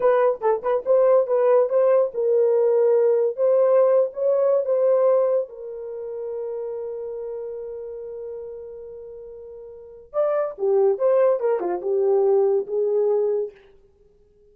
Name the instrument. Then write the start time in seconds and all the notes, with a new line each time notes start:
horn
0.00 B4
0.41 A4
0.62 B4
0.85 C5
1.26 B4
1.69 C5
2.14 A#4
3.36 C5
4.13 C#5
4.65 C5
5.48 A#4
10.12 D5
10.57 G4
10.98 C5
11.40 A#4
11.59 F4
11.81 G4
12.66 G#4